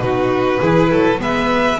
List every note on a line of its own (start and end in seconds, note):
0.00 0.59 B2
0.00 0.61 D#4
0.00 0.61 F#4
0.00 1.20 B4
0.61 0.92 E3
0.61 1.19 E4
0.61 0.91 G#4
0.91 1.20 F#3
0.91 1.21 A4
1.19 1.79 G#3
1.19 1.79 B3
1.19 1.80 B4
1.19 1.80 E5